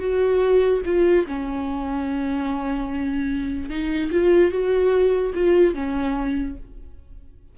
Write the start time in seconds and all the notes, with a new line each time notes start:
0.00 F#4
0.86 F4
1.27 C#4
3.70 D#4
4.12 F4
4.52 F#4
5.35 F4
5.75 C#4